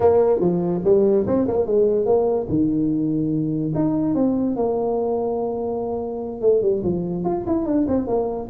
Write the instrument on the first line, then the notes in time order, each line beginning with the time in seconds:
tuba
0.00 A#3
0.39 F3
0.84 G3
1.26 C4
1.47 A#3
1.66 G#3
2.05 A#3
2.48 D#3
3.74 D#4
4.14 C4
4.56 A#3
6.41 A3
6.62 G3
6.83 F3
7.24 F4
7.46 E4
7.65 D4
7.88 C4
8.07 A#3